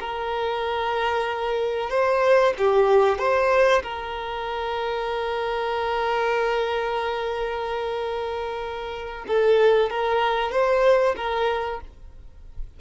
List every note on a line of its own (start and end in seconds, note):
0.00 1.90 A#4
1.90 2.54 C5
2.58 3.19 G4
3.19 3.83 C5
3.83 9.26 A#4
9.28 9.90 A4
9.90 10.52 A#4
10.52 11.16 C5
11.17 11.81 A#4